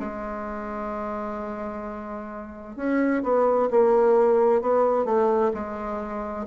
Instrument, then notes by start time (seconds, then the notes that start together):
bassoon
0.00 G#3
2.77 C#4
3.23 B3
3.71 A#3
4.62 B3
5.06 A3
5.54 G#3